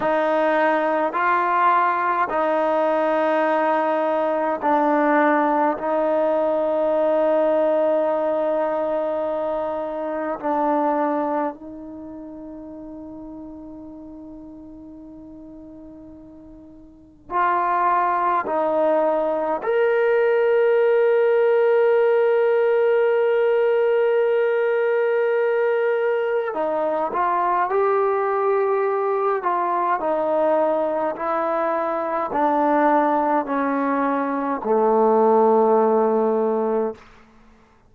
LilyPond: \new Staff \with { instrumentName = "trombone" } { \time 4/4 \tempo 4 = 52 dis'4 f'4 dis'2 | d'4 dis'2.~ | dis'4 d'4 dis'2~ | dis'2. f'4 |
dis'4 ais'2.~ | ais'2. dis'8 f'8 | g'4. f'8 dis'4 e'4 | d'4 cis'4 a2 | }